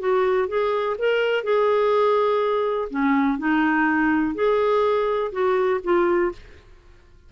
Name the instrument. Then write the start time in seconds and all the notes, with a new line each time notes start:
clarinet
0.00 F#4
0.48 G#4
0.99 A#4
1.44 G#4
2.90 C#4
3.39 D#4
4.35 G#4
5.32 F#4
5.84 F4